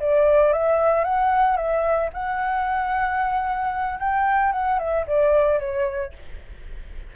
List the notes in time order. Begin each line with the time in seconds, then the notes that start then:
0.00 D5
0.53 E5
1.04 F#5
1.57 E5
2.14 F#5
4.00 G5
4.52 F#5
4.79 E5
5.07 D5
5.60 C#5